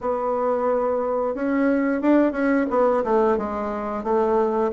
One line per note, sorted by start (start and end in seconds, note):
0.00 1.35 B3
1.35 2.01 C#4
2.01 2.32 D4
2.32 2.65 C#4
2.70 3.03 B3
3.03 3.37 A3
3.37 4.03 G#3
4.03 4.71 A3